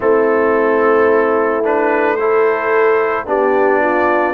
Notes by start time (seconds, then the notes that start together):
0.00 A3 C4 E4 A4
1.63 D4 B4
2.16 E4 A4 C5
3.26 B3 D4 G4 D5
3.80 F4